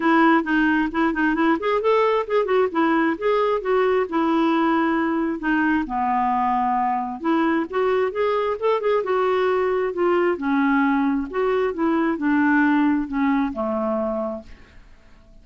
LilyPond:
\new Staff \with { instrumentName = "clarinet" } { \time 4/4 \tempo 4 = 133 e'4 dis'4 e'8 dis'8 e'8 gis'8 | a'4 gis'8 fis'8 e'4 gis'4 | fis'4 e'2. | dis'4 b2. |
e'4 fis'4 gis'4 a'8 gis'8 | fis'2 f'4 cis'4~ | cis'4 fis'4 e'4 d'4~ | d'4 cis'4 a2 | }